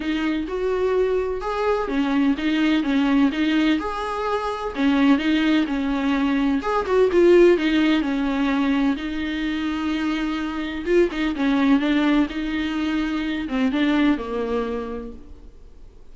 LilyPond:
\new Staff \with { instrumentName = "viola" } { \time 4/4 \tempo 4 = 127 dis'4 fis'2 gis'4 | cis'4 dis'4 cis'4 dis'4 | gis'2 cis'4 dis'4 | cis'2 gis'8 fis'8 f'4 |
dis'4 cis'2 dis'4~ | dis'2. f'8 dis'8 | cis'4 d'4 dis'2~ | dis'8 c'8 d'4 ais2 | }